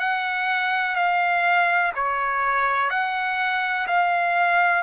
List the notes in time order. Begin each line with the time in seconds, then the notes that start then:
0.00 F#5
0.96 F5
1.96 C#5
2.90 F#5
3.88 F5